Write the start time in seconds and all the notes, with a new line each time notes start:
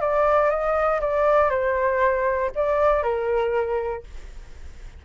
0.00 D5
0.50 D#5
1.00 D5
1.50 C5
2.55 D5
3.03 A#4